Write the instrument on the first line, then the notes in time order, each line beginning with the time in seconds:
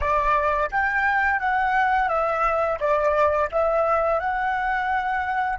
flute
0.00 D5
0.71 G5
1.40 F#5
2.08 E5
2.79 D5
3.51 E5
4.19 F#5